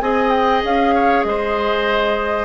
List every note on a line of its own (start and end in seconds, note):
0.00 0.62 C4
0.00 2.45 G#4
0.00 0.94 D#5
0.00 0.31 G#5
0.31 0.62 G5
0.63 1.24 C#4
0.63 1.23 F5
0.94 1.25 C#5
1.23 2.45 G#3
1.23 2.45 C5
1.23 2.45 D#5